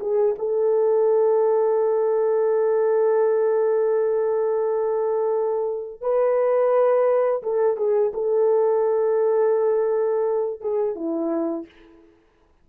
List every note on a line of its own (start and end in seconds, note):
0.00 0.35 G#4
0.39 6.02 A4
6.02 7.43 B4
7.43 7.77 A4
7.77 8.12 G#4
8.14 10.61 A4
10.61 10.95 G#4
10.95 11.66 E4